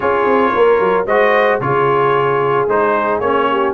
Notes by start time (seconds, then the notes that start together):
0.00 C#4 F4 G#4 C#5
0.25 C4
0.53 A#3 A#4
0.79 F#3
1.06 G#3 F#4 C5 D#5
1.60 C#3 F4 G#4 C#5
2.68 G#3 D#4 C5
3.19 A#3 C#4 C#5
3.50 G4